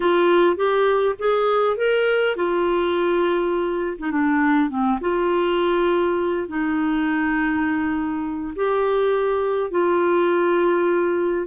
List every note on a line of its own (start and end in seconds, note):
0.00 0.56 F4
0.56 1.15 G4
1.18 1.76 G#4
1.76 2.35 A#4
2.35 3.97 F4
3.98 4.11 D#4
4.11 4.69 D4
4.69 4.98 C4
5.00 6.47 F4
6.48 8.53 D#4
8.55 9.70 G4
9.70 11.47 F4